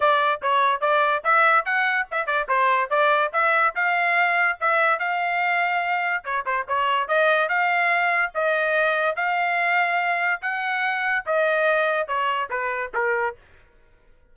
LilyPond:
\new Staff \with { instrumentName = "trumpet" } { \time 4/4 \tempo 4 = 144 d''4 cis''4 d''4 e''4 | fis''4 e''8 d''8 c''4 d''4 | e''4 f''2 e''4 | f''2. cis''8 c''8 |
cis''4 dis''4 f''2 | dis''2 f''2~ | f''4 fis''2 dis''4~ | dis''4 cis''4 b'4 ais'4 | }